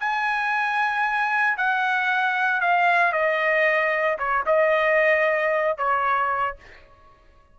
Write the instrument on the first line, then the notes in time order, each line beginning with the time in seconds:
trumpet
0.00 G#5
1.57 F#5
2.61 F5
3.12 D#5
4.18 C#5
4.46 D#5
5.77 C#5